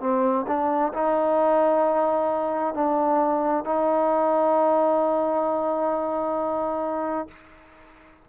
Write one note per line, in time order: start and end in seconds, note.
0.00 0.45 C4
0.47 0.92 D4
0.93 2.74 D#4
2.74 3.64 D4
3.64 7.28 D#4